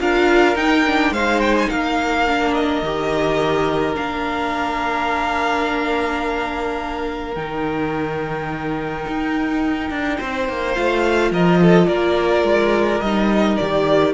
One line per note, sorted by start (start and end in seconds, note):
0.00 0.56 D4
0.00 0.56 F4
0.00 1.14 A#4
0.00 0.57 F5
0.56 0.84 D#4
0.56 1.11 D#4
0.56 1.14 G5
0.87 1.15 D4
1.11 1.68 G#3
1.11 2.27 D#4
1.11 1.70 C5
1.11 1.41 F5
1.41 1.55 G5
1.59 1.70 G#5
1.70 2.83 A#3
1.70 10.19 A#4
1.70 2.54 F5
2.27 2.84 D4
2.54 3.96 D#5
2.83 3.96 D#3
2.83 3.95 G4
3.95 7.37 A#3
3.95 7.35 D4
3.95 7.35 F5
7.35 9.07 D#3
7.35 10.76 D#4
7.35 10.75 G5
9.08 9.91 D#4
9.91 10.19 D4
10.19 10.49 C4
10.19 11.32 C5
10.49 10.77 A#3
10.75 11.31 A3
10.75 13.02 F4
10.75 11.31 F5
11.31 11.88 F3
11.31 11.61 A#4
11.31 11.88 D#5
11.62 11.88 A4
11.88 12.44 A#3
11.88 14.14 A#4
11.88 13.01 D5
12.44 13.01 G#3
13.01 13.58 G3
13.01 13.61 D#4
13.01 13.57 D#5
13.57 14.14 D#3
13.57 14.14 G4
13.57 14.14 D5